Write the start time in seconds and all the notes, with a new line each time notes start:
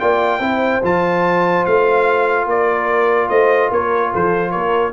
0.00 A#3 F4 D5 G5
0.39 C4 E4 C5
0.83 F3 F4 A5
1.65 A3 F5
2.46 A#3 A#4 D5
3.29 A3 C5 D#5
3.70 A#3 A#4 C#5
4.11 F3 A4 C5
4.51 A#3 A#4 C#5